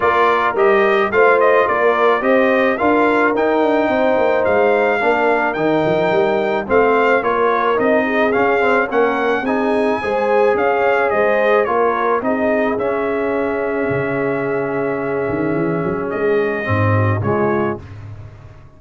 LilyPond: <<
  \new Staff \with { instrumentName = "trumpet" } { \time 4/4 \tempo 4 = 108 d''4 dis''4 f''8 dis''8 d''4 | dis''4 f''4 g''2 | f''2 g''2 | f''4 cis''4 dis''4 f''4 |
fis''4 gis''2 f''4 | dis''4 cis''4 dis''4 e''4~ | e''1~ | e''4 dis''2 cis''4 | }
  \new Staff \with { instrumentName = "horn" } { \time 4/4 ais'2 c''4 ais'4 | c''4 ais'2 c''4~ | c''4 ais'2. | c''4 ais'4. gis'4. |
ais'4 gis'4 c''4 cis''4 | c''4 ais'4 gis'2~ | gis'1~ | gis'2~ gis'8 fis'8 f'4 | }
  \new Staff \with { instrumentName = "trombone" } { \time 4/4 f'4 g'4 f'2 | g'4 f'4 dis'2~ | dis'4 d'4 dis'2 | c'4 f'4 dis'4 cis'8 c'8 |
cis'4 dis'4 gis'2~ | gis'4 f'4 dis'4 cis'4~ | cis'1~ | cis'2 c'4 gis4 | }
  \new Staff \with { instrumentName = "tuba" } { \time 4/4 ais4 g4 a4 ais4 | c'4 d'4 dis'8 d'8 c'8 ais8 | gis4 ais4 dis8 f8 g4 | a4 ais4 c'4 cis'4 |
ais4 c'4 gis4 cis'4 | gis4 ais4 c'4 cis'4~ | cis'4 cis2~ cis8 dis8 | e8 fis8 gis4 gis,4 cis4 | }
>>